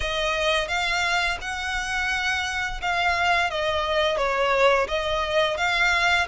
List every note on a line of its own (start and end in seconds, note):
0.00 0.68 D#5
0.68 1.38 F5
1.41 2.81 F#5
2.81 3.50 F5
3.50 4.17 D#5
4.17 4.87 C#5
4.87 5.57 D#5
5.57 6.27 F5